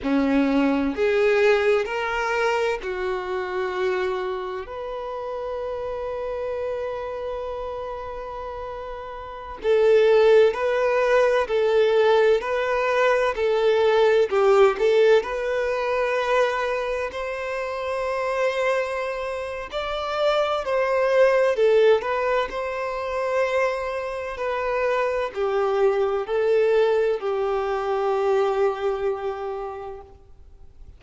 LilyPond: \new Staff \with { instrumentName = "violin" } { \time 4/4 \tempo 4 = 64 cis'4 gis'4 ais'4 fis'4~ | fis'4 b'2.~ | b'2~ b'16 a'4 b'8.~ | b'16 a'4 b'4 a'4 g'8 a'16~ |
a'16 b'2 c''4.~ c''16~ | c''4 d''4 c''4 a'8 b'8 | c''2 b'4 g'4 | a'4 g'2. | }